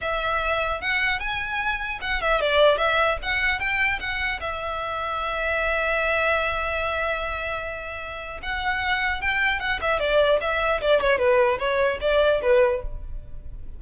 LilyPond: \new Staff \with { instrumentName = "violin" } { \time 4/4 \tempo 4 = 150 e''2 fis''4 gis''4~ | gis''4 fis''8 e''8 d''4 e''4 | fis''4 g''4 fis''4 e''4~ | e''1~ |
e''1~ | e''4 fis''2 g''4 | fis''8 e''8 d''4 e''4 d''8 cis''8 | b'4 cis''4 d''4 b'4 | }